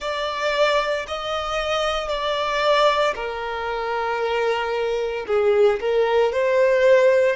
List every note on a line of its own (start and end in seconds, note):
0.00 1.05 D5
1.07 2.08 D#5
2.08 3.13 D5
3.15 5.25 A#4
5.27 5.79 G#4
5.80 6.32 A#4
6.32 7.35 C5